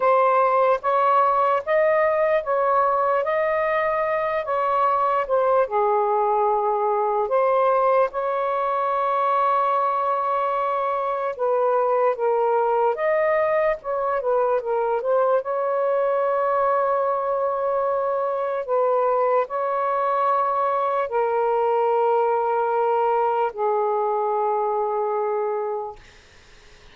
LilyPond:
\new Staff \with { instrumentName = "saxophone" } { \time 4/4 \tempo 4 = 74 c''4 cis''4 dis''4 cis''4 | dis''4. cis''4 c''8 gis'4~ | gis'4 c''4 cis''2~ | cis''2 b'4 ais'4 |
dis''4 cis''8 b'8 ais'8 c''8 cis''4~ | cis''2. b'4 | cis''2 ais'2~ | ais'4 gis'2. | }